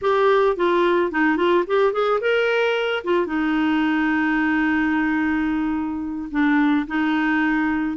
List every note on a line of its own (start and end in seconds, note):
0.01 0.56 G4
0.56 1.11 F4
1.11 1.36 D#4
1.36 1.64 F4
1.67 1.92 G4
1.92 2.20 G#4
2.20 3.03 A#4
3.04 3.26 F4
3.26 6.29 D#4
6.31 6.86 D4
6.87 7.97 D#4